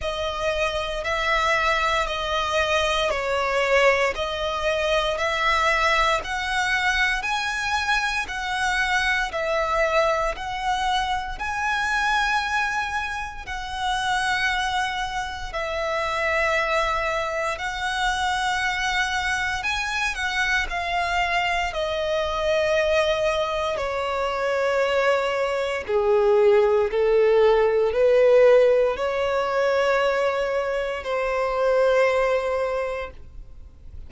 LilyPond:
\new Staff \with { instrumentName = "violin" } { \time 4/4 \tempo 4 = 58 dis''4 e''4 dis''4 cis''4 | dis''4 e''4 fis''4 gis''4 | fis''4 e''4 fis''4 gis''4~ | gis''4 fis''2 e''4~ |
e''4 fis''2 gis''8 fis''8 | f''4 dis''2 cis''4~ | cis''4 gis'4 a'4 b'4 | cis''2 c''2 | }